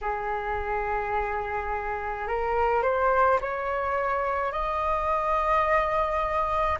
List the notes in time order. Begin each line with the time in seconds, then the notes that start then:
0.01 G#4
2.27 A#4
2.82 C5
3.40 C#5
4.51 D#5